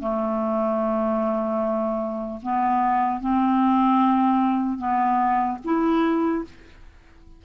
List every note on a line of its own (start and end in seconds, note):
0.00 2.40 A3
2.42 3.20 B3
3.20 4.78 C4
4.78 5.58 B3
5.64 6.44 E4